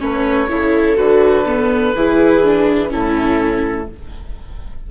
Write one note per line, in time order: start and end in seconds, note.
0.00 0.50 A3
0.00 0.48 C#4
0.00 0.51 B4
0.00 0.98 C#5
0.50 0.98 C#3
0.50 0.96 E4
0.50 1.96 A4
0.96 1.95 D3
0.96 1.44 F#4
0.96 2.91 B4
1.47 1.95 B3
1.96 2.93 E3
1.96 2.44 E4
1.96 2.92 G#4
2.44 2.89 D4
2.89 3.91 A2
2.89 3.86 C#4
2.89 3.89 E4
2.89 3.90 A4